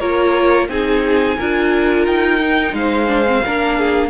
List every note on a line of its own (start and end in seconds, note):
0.00 0.69 A#3
0.00 0.70 F4
0.00 0.68 A#4
0.00 0.68 C#5
0.69 1.37 C4
0.69 1.38 D#4
0.69 1.38 G#4
0.69 2.06 G#5
1.38 2.07 D4
1.38 2.41 F4
1.38 2.75 A#4
2.07 2.73 D#4
2.07 2.75 G5
2.41 3.09 D#4
2.73 3.42 G#3
2.73 3.45 C5
2.73 4.10 F5
3.09 3.26 D4
3.27 3.44 C4
3.45 4.10 A#3
3.45 4.10 D4
3.45 3.79 A#4
3.79 4.10 G#4